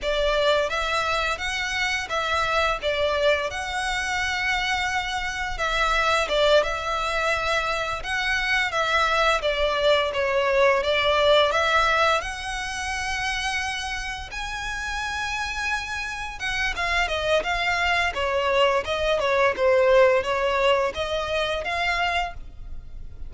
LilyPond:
\new Staff \with { instrumentName = "violin" } { \time 4/4 \tempo 4 = 86 d''4 e''4 fis''4 e''4 | d''4 fis''2. | e''4 d''8 e''2 fis''8~ | fis''8 e''4 d''4 cis''4 d''8~ |
d''8 e''4 fis''2~ fis''8~ | fis''8 gis''2. fis''8 | f''8 dis''8 f''4 cis''4 dis''8 cis''8 | c''4 cis''4 dis''4 f''4 | }